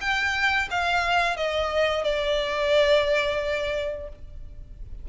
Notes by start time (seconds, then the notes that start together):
0.00 G5
0.70 F5
1.36 D#5
2.04 D5